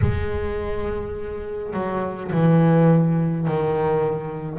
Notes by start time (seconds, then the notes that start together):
0.01 G#3
1.73 F#3
2.31 E3
3.47 D#3